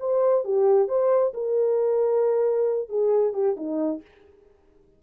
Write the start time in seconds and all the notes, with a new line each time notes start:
0.00 C5
0.44 G4
0.88 C5
1.34 A#4
2.89 G#4
3.33 G4
3.56 D#4